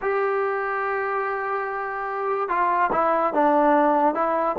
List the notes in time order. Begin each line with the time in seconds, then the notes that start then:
0.01 G4
2.48 F4
2.92 E4
3.33 D4
4.14 E4